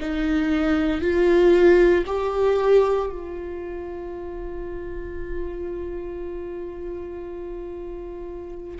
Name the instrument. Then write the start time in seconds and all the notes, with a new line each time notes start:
viola
0.00 D#4
1.01 F4
2.06 G4
3.09 F4